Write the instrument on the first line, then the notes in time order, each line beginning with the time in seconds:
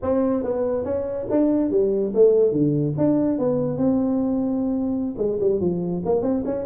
tuba
0.02 C4
0.43 B3
0.85 C#4
1.30 D4
1.70 G3
2.14 A3
2.52 D3
2.97 D4
3.38 B3
3.77 C4
5.17 G#3
5.40 G3
5.60 F3
6.05 A#3
6.22 C4
6.45 C#4